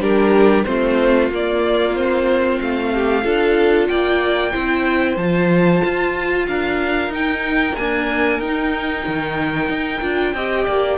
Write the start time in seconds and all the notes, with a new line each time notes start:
0.00 G3 D4 G4 A#4
0.65 A3 C4 F4 C5
1.30 A#3 D5
1.95 C4 C5
2.61 A3 F5
2.94 G4
3.23 D4 F4 A4
3.88 A#3 D5 G5
4.53 C4 E4 C5
5.17 F3 F4 A5
5.85 F4
6.47 D4 A#4 F5
7.08 D#4
7.14 G5
7.76 A#3 D4 G#5
8.39 D#4 G5
9.08 D#3
9.69 D#4
10.02 D4 F4
10.35 C4 G4 D#5
10.66 A#3 D5